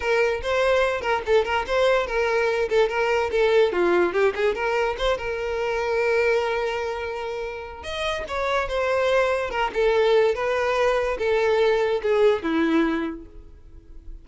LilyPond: \new Staff \with { instrumentName = "violin" } { \time 4/4 \tempo 4 = 145 ais'4 c''4. ais'8 a'8 ais'8 | c''4 ais'4. a'8 ais'4 | a'4 f'4 g'8 gis'8 ais'4 | c''8 ais'2.~ ais'8~ |
ais'2. dis''4 | cis''4 c''2 ais'8 a'8~ | a'4 b'2 a'4~ | a'4 gis'4 e'2 | }